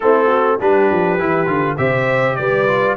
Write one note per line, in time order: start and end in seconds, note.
0.00 0.60 A3
0.00 0.59 C4
0.00 0.26 E4
0.00 0.60 A4
0.26 0.56 F#4
0.59 0.90 G3
0.59 1.19 D4
0.59 1.78 G4
0.59 1.77 B4
0.90 1.20 F3
1.19 1.47 E3
1.19 1.46 E4
1.46 1.77 D3
1.46 1.76 F4
1.77 2.37 C3
1.77 2.66 G4
1.77 2.38 C5
1.77 2.36 E5
2.36 2.96 G3
2.36 2.96 B4
2.36 2.95 D5
2.67 2.96 F4